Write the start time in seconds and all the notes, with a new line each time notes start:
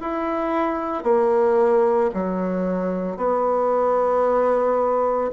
0.00 E4
1.03 A#3
2.14 F#3
3.17 B3